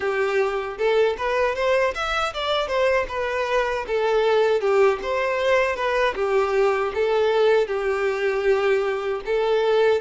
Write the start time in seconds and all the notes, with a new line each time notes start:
0.00 G4
0.78 A4
1.17 B4
1.55 C5
1.94 E5
2.33 D5
2.67 C5
3.08 B4
3.87 A4
4.60 G4
5.02 C5
5.76 B4
6.15 G4
6.94 A4
7.67 G4
9.25 A4